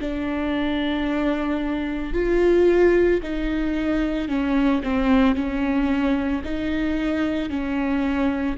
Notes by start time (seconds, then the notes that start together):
0.00 D4
2.13 F4
3.22 D#4
4.29 C#4
4.83 C4
5.35 C#4
6.44 D#4
7.50 C#4